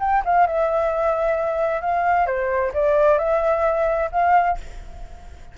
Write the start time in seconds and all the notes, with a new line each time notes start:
0.00 G5
0.25 F5
0.47 E5
1.82 F5
2.27 C5
2.74 D5
3.19 E5
4.12 F5